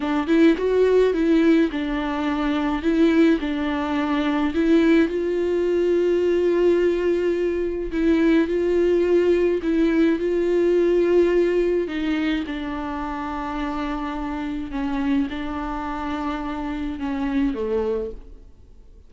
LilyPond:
\new Staff \with { instrumentName = "viola" } { \time 4/4 \tempo 4 = 106 d'8 e'8 fis'4 e'4 d'4~ | d'4 e'4 d'2 | e'4 f'2.~ | f'2 e'4 f'4~ |
f'4 e'4 f'2~ | f'4 dis'4 d'2~ | d'2 cis'4 d'4~ | d'2 cis'4 a4 | }